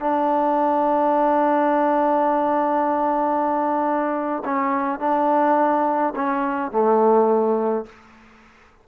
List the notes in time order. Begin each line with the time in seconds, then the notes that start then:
0.00 D4
4.44 C#4
4.99 D4
6.15 C#4
6.71 A3